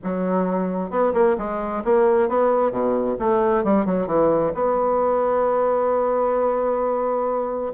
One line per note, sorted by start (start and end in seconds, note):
0.03 0.90 F#3
0.90 1.13 B3
1.13 1.36 A#3
1.37 1.83 G#3
1.84 2.28 A#3
2.28 2.71 B3
2.71 3.16 B2
3.19 3.64 A3
3.64 3.85 G3
3.85 4.07 F#3
4.07 4.52 E3
4.54 7.72 B3